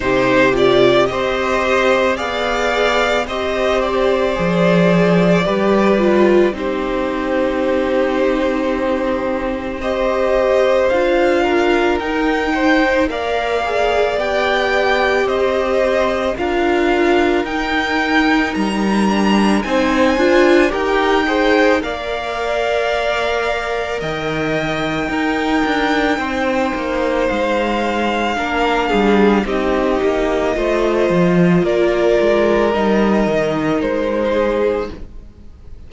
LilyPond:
<<
  \new Staff \with { instrumentName = "violin" } { \time 4/4 \tempo 4 = 55 c''8 d''8 dis''4 f''4 dis''8 d''8~ | d''2 c''2~ | c''4 dis''4 f''4 g''4 | f''4 g''4 dis''4 f''4 |
g''4 ais''4 gis''4 g''4 | f''2 g''2~ | g''4 f''2 dis''4~ | dis''4 d''4 dis''4 c''4 | }
  \new Staff \with { instrumentName = "violin" } { \time 4/4 g'4 c''4 d''4 c''4~ | c''4 b'4 g'2~ | g'4 c''4. ais'4 c''8 | d''2 c''4 ais'4~ |
ais'2 c''4 ais'8 c''8 | d''2 dis''4 ais'4 | c''2 ais'8 gis'8 g'4 | c''4 ais'2~ ais'8 gis'8 | }
  \new Staff \with { instrumentName = "viola" } { \time 4/4 dis'8 f'8 g'4 gis'4 g'4 | gis'4 g'8 f'8 dis'2~ | dis'4 g'4 f'4 dis'4 | ais'8 gis'8 g'2 f'4 |
dis'4. d'8 dis'8 f'8 g'8 gis'8 | ais'2. dis'4~ | dis'2 d'4 dis'4 | f'2 dis'2 | }
  \new Staff \with { instrumentName = "cello" } { \time 4/4 c4 c'4 b4 c'4 | f4 g4 c'2~ | c'2 d'4 dis'4 | ais4 b4 c'4 d'4 |
dis'4 g4 c'8 d'8 dis'4 | ais2 dis4 dis'8 d'8 | c'8 ais8 gis4 ais8 g8 c'8 ais8 | a8 f8 ais8 gis8 g8 dis8 gis4 | }
>>